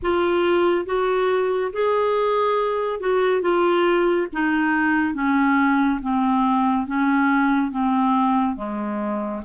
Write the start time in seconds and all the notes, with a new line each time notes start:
0.02 F4
0.85 F#4
1.72 G#4
3.00 F#4
3.41 F4
4.32 D#4
5.14 C#4
6.01 C4
6.86 C#4
7.71 C4
8.56 G#3